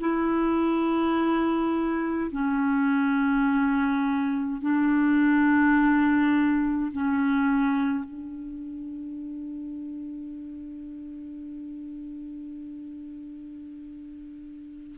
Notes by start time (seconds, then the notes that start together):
0.00 E4
2.31 C#4
4.60 D4
6.92 C#4
8.04 D4